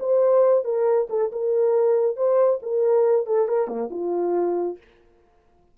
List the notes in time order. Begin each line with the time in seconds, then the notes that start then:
0.00 C5
0.65 A#4
1.10 A4
1.32 A#4
2.17 C5
2.63 A#4
3.27 A4
3.48 A#4
3.68 A#3
3.91 F4